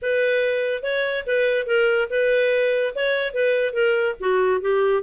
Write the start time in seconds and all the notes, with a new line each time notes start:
0.02 B4
0.83 C#5
1.26 B4
1.66 A#4
2.10 B4
2.95 C#5
3.33 B4
3.73 A#4
4.20 F#4
4.61 G4